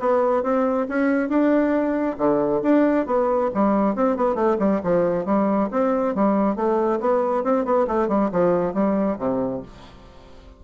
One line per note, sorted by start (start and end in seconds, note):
0.00 0.43 B3
0.43 0.87 C4
0.89 1.29 C#4
1.29 2.17 D4
2.18 2.62 D3
2.63 3.06 D4
3.06 3.50 B3
3.54 3.95 G3
3.95 4.17 C4
4.17 4.35 B3
4.35 4.57 A3
4.59 4.81 G3
4.84 5.26 F3
5.26 5.69 G3
5.71 6.15 C4
6.15 6.56 G3
6.56 7.00 A3
7.00 7.44 B3
7.44 7.65 C4
7.65 7.87 B3
7.88 8.08 A3
8.08 8.30 G3
8.32 8.74 F3
8.74 9.18 G3
9.19 9.63 C3